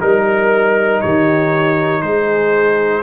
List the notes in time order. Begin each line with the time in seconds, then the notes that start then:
0.00 G3 D#4 A#4
1.01 D#3 G4 C#5
2.01 G#3 G#4 C5